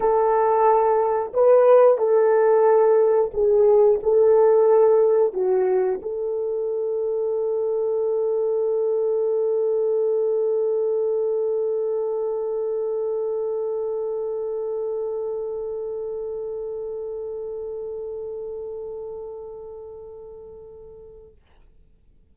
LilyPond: \new Staff \with { instrumentName = "horn" } { \time 4/4 \tempo 4 = 90 a'2 b'4 a'4~ | a'4 gis'4 a'2 | fis'4 a'2.~ | a'1~ |
a'1~ | a'1~ | a'1~ | a'1 | }